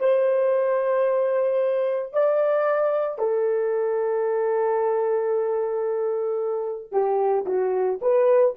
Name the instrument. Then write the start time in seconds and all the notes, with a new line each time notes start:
horn
0.00 C5
2.13 D5
3.19 A4
6.92 G4
7.46 F#4
8.02 B4